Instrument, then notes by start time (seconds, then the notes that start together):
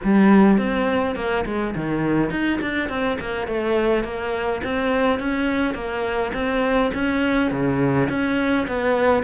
cello
0.03 G3
0.58 C4
1.15 A#3
1.45 G#3
1.75 D#3
2.30 D#4
2.61 D4
2.89 C4
3.19 A#3
3.47 A3
4.04 A#3
4.63 C4
5.19 C#4
5.74 A#3
6.33 C4
6.94 C#4
7.51 C#3
8.09 C#4
8.67 B3